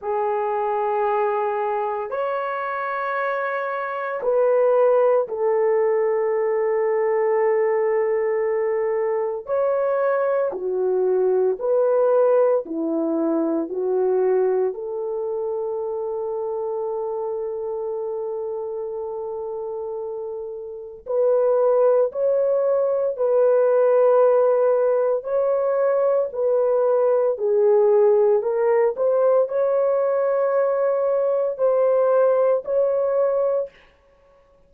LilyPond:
\new Staff \with { instrumentName = "horn" } { \time 4/4 \tempo 4 = 57 gis'2 cis''2 | b'4 a'2.~ | a'4 cis''4 fis'4 b'4 | e'4 fis'4 a'2~ |
a'1 | b'4 cis''4 b'2 | cis''4 b'4 gis'4 ais'8 c''8 | cis''2 c''4 cis''4 | }